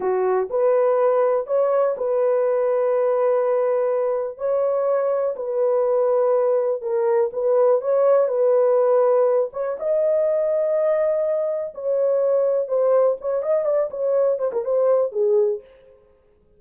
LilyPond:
\new Staff \with { instrumentName = "horn" } { \time 4/4 \tempo 4 = 123 fis'4 b'2 cis''4 | b'1~ | b'4 cis''2 b'4~ | b'2 ais'4 b'4 |
cis''4 b'2~ b'8 cis''8 | dis''1 | cis''2 c''4 cis''8 dis''8 | d''8 cis''4 c''16 ais'16 c''4 gis'4 | }